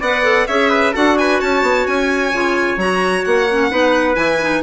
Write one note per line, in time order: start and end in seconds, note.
0.00 0.47 B3
0.00 0.24 B4
0.00 0.46 D5
0.00 0.47 F#5
0.24 0.47 A4
0.47 0.95 C#4
0.47 0.94 G#4
0.47 0.70 C#5
0.47 0.94 E5
0.70 0.93 B4
0.93 1.42 D4
0.93 2.33 F#4
0.93 1.16 A4
0.93 1.18 F#5
1.18 1.40 B4
1.18 1.41 G#5
1.40 1.63 C#4
1.40 3.71 C#5
1.40 1.87 A5
1.63 1.86 B3
1.87 2.33 C#4
1.87 2.79 G#5
2.33 2.77 C#3
2.33 2.79 F4
2.77 3.23 F#3
2.77 3.48 F#4
2.77 3.25 A#5
3.25 3.71 A#3
3.25 4.16 F#5
3.50 3.71 C#4
3.71 4.17 B3
3.71 4.14 D#4
3.71 4.63 B4
4.14 4.63 E3
4.14 4.37 E4
4.14 4.62 G#5
4.41 4.63 D#4